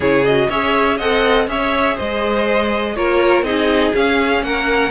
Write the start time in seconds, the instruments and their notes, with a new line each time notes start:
0.00 cello C#3, viola E4, violin G#4 C#5
0.25 viola F#4, violin D#5
0.49 cello C#4, viola G#4, violin C#5 E5
0.97 cello C4, viola A4, violin D#5 F#5
1.47 cello C#4, viola G#4, violin C#5 E5
1.95 cello G#3, violin C5 D#5
2.96 cello A#3, viola F4, violin A#4 C#5
3.42 cello C4, viola D#4, violin G#4 D#5
3.93 viola C#4, cello C#4, violin F5
4.41 cello A#3, violin A#4 F#5